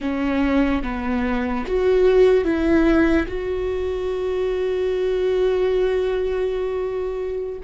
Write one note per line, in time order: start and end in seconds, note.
0.00 0.83 C#4
0.83 1.65 B3
1.66 2.44 F#4
2.44 3.26 E4
3.27 7.59 F#4